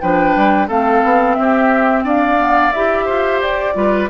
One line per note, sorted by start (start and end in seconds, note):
0.00 0.36 F3
0.00 0.68 D4
0.00 0.68 B4
0.00 0.68 G5
0.36 0.69 G3
0.68 1.03 A3
0.68 2.37 C4
0.68 1.36 A4
0.68 1.35 F5
1.04 1.38 B3
1.35 2.04 C4
1.35 2.04 G4
1.35 2.03 E5
2.04 2.72 D4
2.04 3.05 D5
2.04 2.72 F5
2.37 2.72 B3
2.72 3.08 E4
2.72 3.74 G4
2.72 3.41 E5
3.05 3.41 F4
3.05 3.73 C5
3.41 3.75 G4
3.41 4.10 D5
3.74 4.09 G3
3.74 4.08 F4
3.74 4.10 B4